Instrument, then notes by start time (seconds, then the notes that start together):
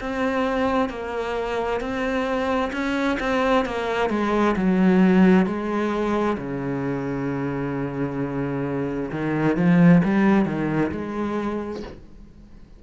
cello
0.00 C4
0.89 A#3
1.80 C4
2.72 C#4
3.19 C4
3.65 A#3
4.10 G#3
4.56 F#3
5.46 G#3
6.37 C#3
9.11 D#3
9.56 F3
10.04 G3
10.45 D#3
10.91 G#3